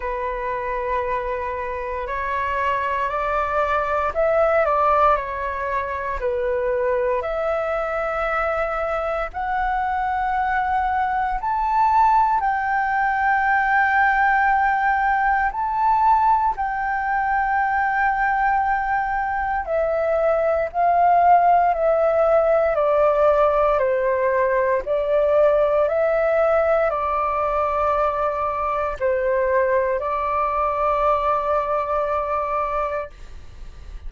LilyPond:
\new Staff \with { instrumentName = "flute" } { \time 4/4 \tempo 4 = 58 b'2 cis''4 d''4 | e''8 d''8 cis''4 b'4 e''4~ | e''4 fis''2 a''4 | g''2. a''4 |
g''2. e''4 | f''4 e''4 d''4 c''4 | d''4 e''4 d''2 | c''4 d''2. | }